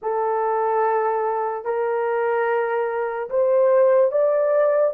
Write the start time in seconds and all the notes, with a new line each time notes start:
0.01 A4
1.64 A#4
3.29 C5
4.11 D5